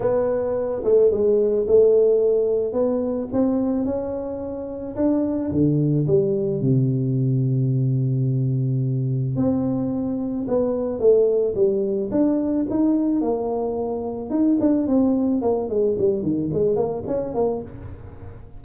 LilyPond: \new Staff \with { instrumentName = "tuba" } { \time 4/4 \tempo 4 = 109 b4. a8 gis4 a4~ | a4 b4 c'4 cis'4~ | cis'4 d'4 d4 g4 | c1~ |
c4 c'2 b4 | a4 g4 d'4 dis'4 | ais2 dis'8 d'8 c'4 | ais8 gis8 g8 dis8 gis8 ais8 cis'8 ais8 | }